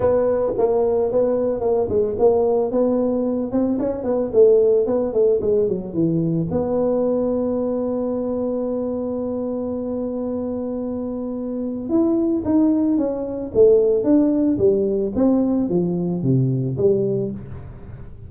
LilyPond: \new Staff \with { instrumentName = "tuba" } { \time 4/4 \tempo 4 = 111 b4 ais4 b4 ais8 gis8 | ais4 b4. c'8 cis'8 b8 | a4 b8 a8 gis8 fis8 e4 | b1~ |
b1~ | b2 e'4 dis'4 | cis'4 a4 d'4 g4 | c'4 f4 c4 g4 | }